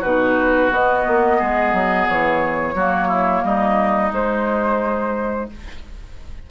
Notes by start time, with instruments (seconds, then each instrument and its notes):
0.00 bassoon B2, clarinet D#4, oboe F#4, flute B4
0.70 clarinet B3, bassoon B3, flute D#5
1.07 bassoon A#3
1.38 bassoon G#3, oboe G#4
1.72 bassoon F#3
2.08 bassoon E3, flute C#5
2.74 bassoon F#3, clarinet A#3, oboe F#4
3.07 oboe E4
3.43 bassoon G3, oboe D#4, flute D#5
4.10 clarinet G#3, bassoon G#3, flute C5